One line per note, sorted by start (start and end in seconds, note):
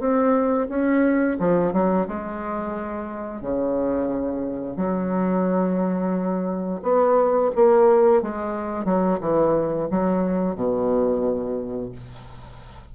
0.00 0.68 C4
0.69 1.38 C#4
1.40 1.73 F3
1.73 2.07 F#3
2.08 3.42 G#3
3.42 4.77 C#3
4.77 6.82 F#3
6.83 7.51 B3
7.56 8.23 A#3
8.23 8.85 G#3
8.85 9.20 F#3
9.21 9.89 E3
9.91 10.56 F#3
10.56 11.92 B2